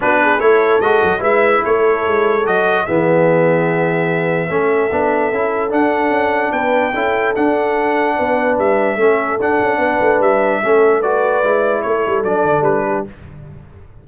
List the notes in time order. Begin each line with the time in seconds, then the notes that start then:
0.00 B3 D4 F#4 B4
0.22 G#4
0.39 A3 E4 A4 C#5
0.80 G#3 F#4 D#5
1.02 F#3
1.19 G#3 E4 B4 E5
1.63 A3 A4 C#5
2.06 G#3
2.46 F#3 F#4 D#5
2.85 E3 B3 G#4 E5
4.49 A3 C#4 A4
4.91 B3 D4
5.31 C#4 E4
5.69 D4 F#5
6.09 C#4
6.51 B3 B4 G5
6.93 C#4 E4 A4
7.35 D4 F#5
8.16 B3 B4
8.58 G3 E5
8.96 A3 C#4 A4
9.39 D4 F#5
9.60 C#4
9.78 B3 B4
10.00 A3
10.19 G3 E5
10.61 A3 C#4 A4
10.99 F#4 B4 D5
11.43 G#3 E4
11.82 A3 A4 C#5
12.06 G3
12.24 F#3 D4 D5
12.43 D3
12.61 G3 B4
12.87 G4